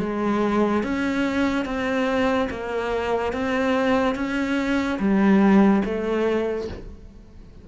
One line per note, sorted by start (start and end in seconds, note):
0.00 0.83 G#3
0.83 1.65 C#4
1.65 2.48 C4
2.50 3.33 A#3
3.33 4.15 C4
4.15 4.98 C#4
4.99 5.83 G3
5.85 6.68 A3